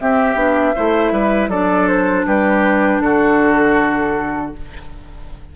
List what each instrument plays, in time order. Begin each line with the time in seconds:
0.00 clarinet C4, bassoon C4, oboe G4, flute E5
0.35 bassoon B3, clarinet D4
0.76 bassoon A3, clarinet E4, oboe C5
1.12 bassoon G3, oboe B4
1.48 bassoon F#3, clarinet D4, oboe A4, flute D5
1.88 flute C5
2.27 bassoon G3, oboe G4, flute B4
3.00 bassoon D3, oboe F#4, flute A4